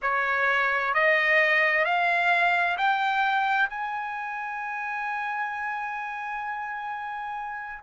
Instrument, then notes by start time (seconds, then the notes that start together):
trumpet
0.02 C#5
0.94 D#5
1.85 F5
2.77 G5
3.69 G#5